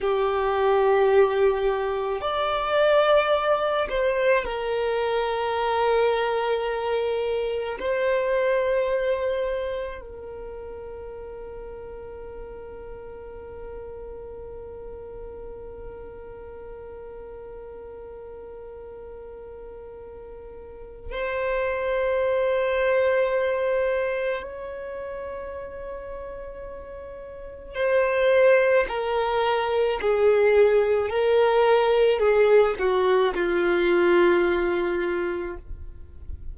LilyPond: \new Staff \with { instrumentName = "violin" } { \time 4/4 \tempo 4 = 54 g'2 d''4. c''8 | ais'2. c''4~ | c''4 ais'2.~ | ais'1~ |
ais'2. c''4~ | c''2 cis''2~ | cis''4 c''4 ais'4 gis'4 | ais'4 gis'8 fis'8 f'2 | }